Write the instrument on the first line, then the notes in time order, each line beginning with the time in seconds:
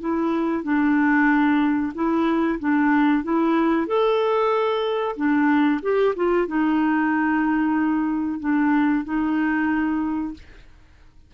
clarinet
0.00 E4
0.64 D4
1.95 E4
2.60 D4
3.23 E4
3.87 A4
5.16 D4
5.82 G4
6.16 F4
6.48 D#4
8.40 D4
9.05 D#4